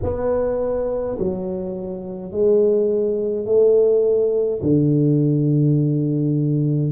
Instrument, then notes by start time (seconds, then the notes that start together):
tuba
0.03 B3
1.19 F#3
2.31 G#3
3.45 A3
4.62 D3